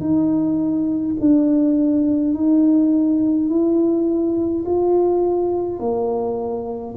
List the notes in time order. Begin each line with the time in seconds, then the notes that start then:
0.00 D#4
1.20 D4
2.34 D#4
3.49 E4
4.65 F4
5.79 A#3